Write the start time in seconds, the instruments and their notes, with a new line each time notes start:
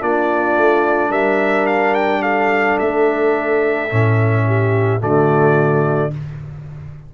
0.00 tuba A#3, trombone D4, horn F4, trumpet D5
0.56 tuba A3
1.09 tuba G3, horn A#4, trumpet E5
1.66 trumpet F5
1.94 trumpet G5
2.22 horn A4, trumpet F5
2.78 tuba A3, trumpet E5
3.89 tuba A2, trombone C#4
4.46 horn G4
5.00 tuba D3, trombone A3, horn F#4, trumpet D5